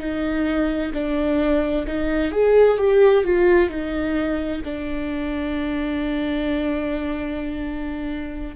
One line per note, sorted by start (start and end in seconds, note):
0.00 0.92 D#4
0.94 1.86 D4
1.87 2.32 D#4
2.32 2.78 G#4
2.78 3.24 G4
3.24 3.70 F4
3.70 4.62 D#4
4.65 8.56 D4